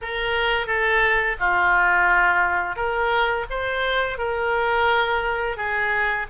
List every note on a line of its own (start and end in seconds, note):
0.01 0.66 A#4
0.66 1.36 A4
1.39 2.76 F4
2.76 3.45 A#4
3.49 4.18 C5
4.18 5.57 A#4
5.57 6.26 G#4